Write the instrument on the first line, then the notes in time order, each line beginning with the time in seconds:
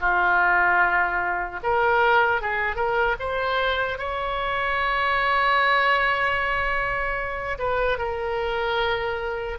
oboe
0.00 F4
1.63 A#4
2.41 G#4
2.76 A#4
3.19 C5
3.98 C#5
7.59 B4
7.98 A#4